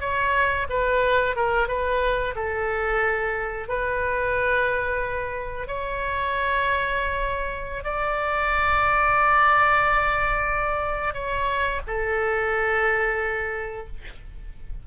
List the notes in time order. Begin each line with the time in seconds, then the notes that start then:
0.00 C#5
0.69 B4
1.36 A#4
1.68 B4
2.35 A4
3.68 B4
5.67 C#5
7.83 D5
11.14 C#5
11.87 A4